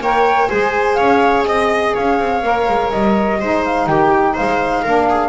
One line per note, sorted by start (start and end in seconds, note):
0.00 0.48 A#3
0.00 0.50 A#4
0.00 0.50 C#5
0.00 0.47 G5
0.47 0.99 G#3
0.47 2.44 G#4
0.47 0.98 C5
0.47 0.95 G#5
0.95 1.47 C#4
0.95 1.46 C#5
0.95 1.44 F5
1.46 1.95 C4
1.46 1.94 D#5
1.94 2.19 C#4
1.94 3.40 C#5
1.94 2.91 F5
2.19 2.43 C4
2.43 2.67 A#3
2.43 3.40 A#4
2.68 2.93 G#3
2.91 3.42 G3
2.91 3.64 D#5
3.41 3.87 G#3
3.41 4.86 D#4
3.41 3.89 C5
3.66 3.87 F5
3.87 4.36 D#3
3.87 4.34 G4
3.87 4.36 G5
4.34 4.86 G#3
4.34 4.83 C5
4.34 5.30 F5
4.83 5.30 A#3
4.83 5.30 D4
4.83 5.07 A#4
5.09 5.30 G#4